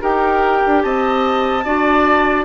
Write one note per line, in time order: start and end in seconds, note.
0.00 0.62 D#4
0.00 1.62 G4
0.00 0.82 A#4
0.00 0.82 G5
0.65 0.84 D4
0.82 1.65 C4
0.82 1.64 D#5
0.82 2.44 A5
1.64 2.45 D4
1.64 2.45 F#4
1.64 2.45 D5